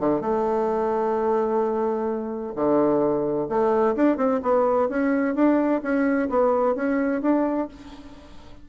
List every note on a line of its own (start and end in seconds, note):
0.00 0.21 D3
0.21 2.54 A3
2.55 3.48 D3
3.49 3.96 A3
3.96 4.17 D4
4.17 4.41 C4
4.42 4.89 B3
4.89 5.35 C#4
5.35 5.81 D4
5.83 6.29 C#4
6.29 6.75 B3
6.75 7.22 C#4
7.22 7.68 D4